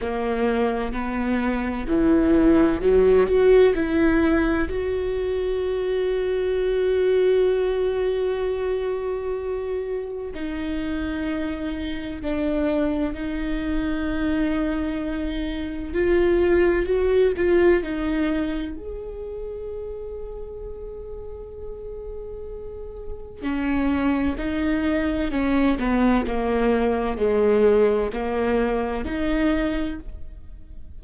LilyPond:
\new Staff \with { instrumentName = "viola" } { \time 4/4 \tempo 4 = 64 ais4 b4 e4 fis8 fis'8 | e'4 fis'2.~ | fis'2. dis'4~ | dis'4 d'4 dis'2~ |
dis'4 f'4 fis'8 f'8 dis'4 | gis'1~ | gis'4 cis'4 dis'4 cis'8 b8 | ais4 gis4 ais4 dis'4 | }